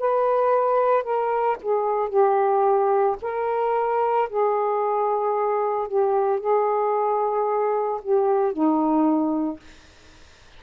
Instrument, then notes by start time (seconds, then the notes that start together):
saxophone
0.00 B4
1.04 A#4
1.62 G#4
2.09 G4
3.22 A#4
4.30 G#4
5.88 G4
6.40 G#4
8.03 G4
8.53 D#4